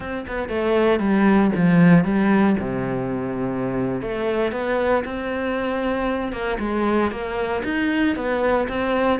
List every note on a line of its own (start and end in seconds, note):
0.00 0.26 C4
0.27 0.49 B3
0.49 0.99 A3
0.99 1.51 G3
1.55 2.04 F3
2.04 2.56 G3
2.59 4.01 C3
4.01 4.52 A3
4.52 5.03 B3
5.04 6.32 C4
6.32 6.58 A#3
6.59 7.11 G#3
7.11 7.62 A#3
7.64 8.15 D#4
8.16 8.67 B3
8.68 9.19 C4